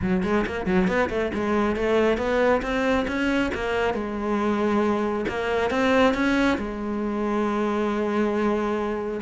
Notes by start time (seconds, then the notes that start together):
0.01 F#3
0.23 G#3
0.46 A#3
0.66 F#3
0.87 B3
1.09 A3
1.34 G#3
1.76 A3
2.17 B3
2.62 C4
3.07 C#4
3.54 A#3
3.94 G#3
5.28 A#3
5.70 C4
6.13 C#4
6.58 G#3